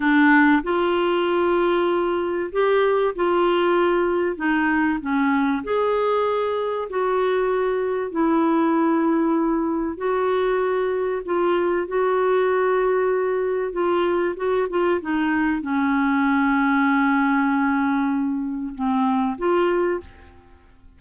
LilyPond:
\new Staff \with { instrumentName = "clarinet" } { \time 4/4 \tempo 4 = 96 d'4 f'2. | g'4 f'2 dis'4 | cis'4 gis'2 fis'4~ | fis'4 e'2. |
fis'2 f'4 fis'4~ | fis'2 f'4 fis'8 f'8 | dis'4 cis'2.~ | cis'2 c'4 f'4 | }